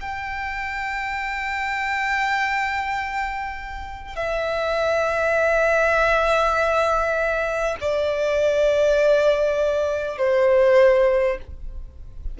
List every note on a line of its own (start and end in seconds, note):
0.00 4.16 G5
4.16 7.76 E5
7.80 10.18 D5
10.18 11.38 C5